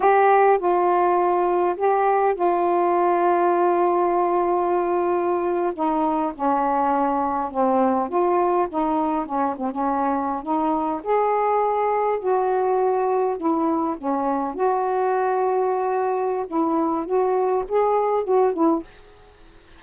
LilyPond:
\new Staff \with { instrumentName = "saxophone" } { \time 4/4 \tempo 4 = 102 g'4 f'2 g'4 | f'1~ | f'4.~ f'16 dis'4 cis'4~ cis'16~ | cis'8. c'4 f'4 dis'4 cis'16~ |
cis'16 c'16 cis'4~ cis'16 dis'4 gis'4~ gis'16~ | gis'8. fis'2 e'4 cis'16~ | cis'8. fis'2.~ fis'16 | e'4 fis'4 gis'4 fis'8 e'8 | }